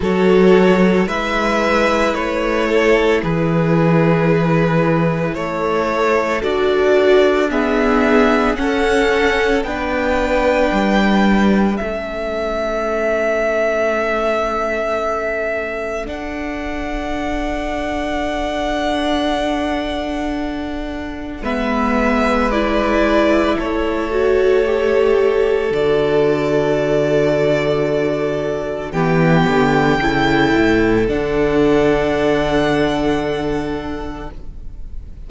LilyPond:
<<
  \new Staff \with { instrumentName = "violin" } { \time 4/4 \tempo 4 = 56 cis''4 e''4 cis''4 b'4~ | b'4 cis''4 d''4 e''4 | fis''4 g''2 e''4~ | e''2. fis''4~ |
fis''1 | e''4 d''4 cis''2 | d''2. g''4~ | g''4 fis''2. | }
  \new Staff \with { instrumentName = "violin" } { \time 4/4 a'4 b'4. a'8 gis'4~ | gis'4 a'2 gis'4 | a'4 b'2 a'4~ | a'1~ |
a'1 | b'2 a'2~ | a'2. g'4 | a'1 | }
  \new Staff \with { instrumentName = "viola" } { \time 4/4 fis'4 e'2.~ | e'2 fis'4 b4 | cis'4 d'2 cis'4~ | cis'2. d'4~ |
d'1 | b4 e'4. fis'8 g'4 | fis'2. b4 | e'4 d'2. | }
  \new Staff \with { instrumentName = "cello" } { \time 4/4 fis4 gis4 a4 e4~ | e4 a4 d'2 | cis'4 b4 g4 a4~ | a2. d'4~ |
d'1 | gis2 a2 | d2. e8 d8 | cis8 a,8 d2. | }
>>